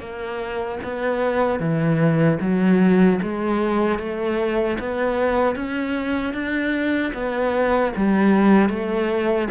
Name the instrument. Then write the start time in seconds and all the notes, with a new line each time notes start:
cello
0.00 A#3
0.83 B3
1.60 E3
2.40 F#3
3.22 G#3
3.99 A3
4.79 B3
5.56 C#4
6.33 D4
7.13 B3
7.96 G3
8.69 A3